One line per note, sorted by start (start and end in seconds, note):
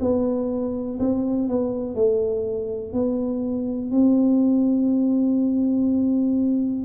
0.00 0.98 B3
0.99 1.48 C4
1.48 1.94 B3
1.94 2.93 A3
2.93 3.91 B3
3.91 6.85 C4